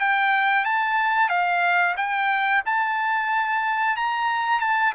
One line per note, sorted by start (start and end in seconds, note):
0.00 0.65 G5
0.65 1.29 A5
1.29 1.95 F5
1.97 2.63 G5
2.66 3.97 A5
3.97 4.60 A#5
4.60 4.93 A5